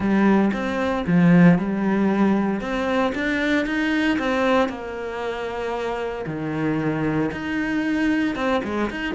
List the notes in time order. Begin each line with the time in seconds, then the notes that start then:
0.00 G3
0.53 C4
1.06 F3
1.58 G3
2.60 C4
3.14 D4
3.65 D#4
4.18 C4
4.68 A#3
6.26 D#3
7.31 D#4
8.35 C4
8.63 G#3
8.90 D#4